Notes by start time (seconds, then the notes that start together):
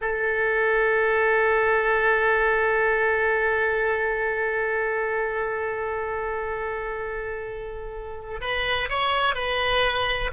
0.01 A4
8.40 B4
8.89 C#5
9.34 B4